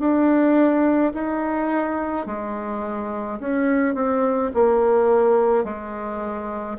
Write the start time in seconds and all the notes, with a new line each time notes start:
0.00 D4
1.14 D#4
2.26 G#3
3.40 C#4
3.95 C4
4.55 A#3
5.65 G#3